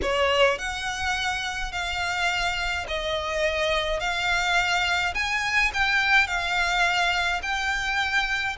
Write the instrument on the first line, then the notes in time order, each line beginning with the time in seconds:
violin
0.02 C#5
0.58 F#5
1.72 F5
2.88 D#5
3.99 F5
5.14 G#5
5.73 G5
6.27 F5
7.42 G5